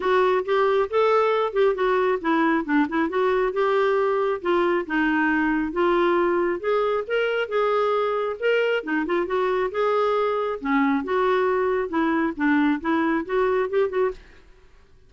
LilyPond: \new Staff \with { instrumentName = "clarinet" } { \time 4/4 \tempo 4 = 136 fis'4 g'4 a'4. g'8 | fis'4 e'4 d'8 e'8 fis'4 | g'2 f'4 dis'4~ | dis'4 f'2 gis'4 |
ais'4 gis'2 ais'4 | dis'8 f'8 fis'4 gis'2 | cis'4 fis'2 e'4 | d'4 e'4 fis'4 g'8 fis'8 | }